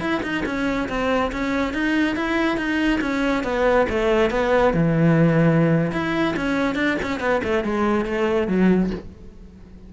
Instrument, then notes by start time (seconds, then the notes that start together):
cello
0.00 E4
0.23 D#4
0.46 C#4
0.89 C4
1.32 C#4
1.74 D#4
2.16 E4
2.57 D#4
3.01 C#4
3.44 B3
3.89 A3
4.31 B3
4.74 E3
5.92 E4
6.36 C#4
6.75 D4
7.02 C#4
7.20 B3
7.44 A3
7.64 G#3
8.05 A3
8.48 F#3